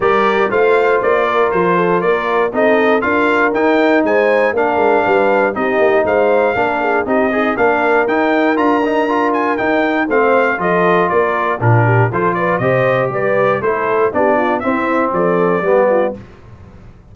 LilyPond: <<
  \new Staff \with { instrumentName = "trumpet" } { \time 4/4 \tempo 4 = 119 d''4 f''4 d''4 c''4 | d''4 dis''4 f''4 g''4 | gis''4 f''2 dis''4 | f''2 dis''4 f''4 |
g''4 ais''4. gis''8 g''4 | f''4 dis''4 d''4 ais'4 | c''8 d''8 dis''4 d''4 c''4 | d''4 e''4 d''2 | }
  \new Staff \with { instrumentName = "horn" } { \time 4/4 ais'4 c''4. ais'4 a'8 | ais'4 a'4 ais'2 | c''4 ais'4 b'4 g'4 | c''4 ais'8 gis'8 g'8 dis'8 ais'4~ |
ais'1 | c''4 a'4 ais'4 f'8 g'8 | a'8 b'8 c''4 b'4 a'4 | g'8 f'8 e'4 a'4 g'8 f'8 | }
  \new Staff \with { instrumentName = "trombone" } { \time 4/4 g'4 f'2.~ | f'4 dis'4 f'4 dis'4~ | dis'4 d'2 dis'4~ | dis'4 d'4 dis'8 gis'8 d'4 |
dis'4 f'8 dis'8 f'4 dis'4 | c'4 f'2 d'4 | f'4 g'2 e'4 | d'4 c'2 b4 | }
  \new Staff \with { instrumentName = "tuba" } { \time 4/4 g4 a4 ais4 f4 | ais4 c'4 d'4 dis'4 | gis4 ais8 gis8 g4 c'8 ais8 | gis4 ais4 c'4 ais4 |
dis'4 d'2 dis'4 | a4 f4 ais4 ais,4 | f4 c4 g4 a4 | b4 c'4 f4 g4 | }
>>